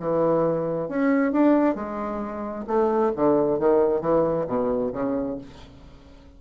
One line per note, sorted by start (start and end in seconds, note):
0.00 0.89 E3
0.89 1.32 C#4
1.32 1.76 D4
1.76 2.66 G#3
2.67 3.12 A3
3.16 3.59 D3
3.59 4.01 D#3
4.01 4.46 E3
4.47 4.92 B2
4.93 5.38 C#3